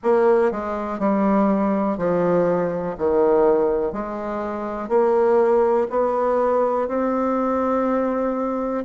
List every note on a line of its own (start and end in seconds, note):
0.03 0.51 A#3
0.51 0.99 G#3
0.99 1.97 G3
1.97 2.96 F3
2.98 3.93 D#3
3.93 4.88 G#3
4.88 5.87 A#3
5.90 6.88 B3
6.88 8.84 C4